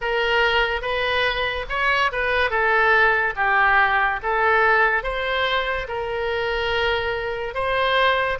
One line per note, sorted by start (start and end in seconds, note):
0.01 0.81 A#4
0.81 1.65 B4
1.69 2.11 C#5
2.12 2.50 B4
2.50 3.34 A4
3.36 4.20 G4
4.22 5.03 A4
5.03 5.87 C5
5.87 7.54 A#4
7.54 8.38 C5